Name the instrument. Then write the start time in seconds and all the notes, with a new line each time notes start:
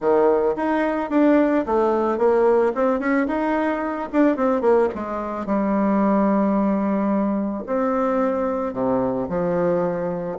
bassoon
0.00 D#3
0.56 D#4
1.10 D4
1.66 A3
2.18 A#3
2.74 C4
2.99 C#4
3.27 D#4
4.12 D4
4.36 C4
4.61 A#3
4.95 G#3
5.45 G3
7.66 C4
8.73 C3
9.28 F3